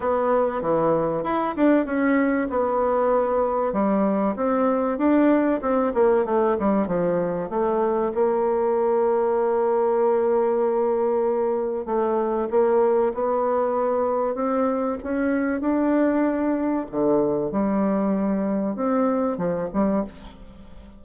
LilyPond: \new Staff \with { instrumentName = "bassoon" } { \time 4/4 \tempo 4 = 96 b4 e4 e'8 d'8 cis'4 | b2 g4 c'4 | d'4 c'8 ais8 a8 g8 f4 | a4 ais2.~ |
ais2. a4 | ais4 b2 c'4 | cis'4 d'2 d4 | g2 c'4 f8 g8 | }